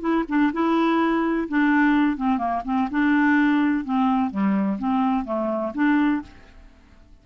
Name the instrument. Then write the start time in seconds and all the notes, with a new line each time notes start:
clarinet
0.00 E4
0.28 D4
0.52 E4
1.48 D4
2.17 C4
2.38 A#3
2.65 C4
2.90 D4
3.84 C4
4.30 G3
4.78 C4
5.24 A3
5.74 D4